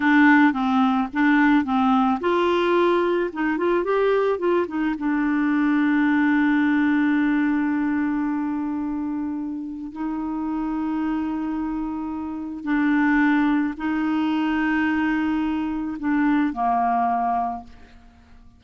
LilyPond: \new Staff \with { instrumentName = "clarinet" } { \time 4/4 \tempo 4 = 109 d'4 c'4 d'4 c'4 | f'2 dis'8 f'8 g'4 | f'8 dis'8 d'2.~ | d'1~ |
d'2 dis'2~ | dis'2. d'4~ | d'4 dis'2.~ | dis'4 d'4 ais2 | }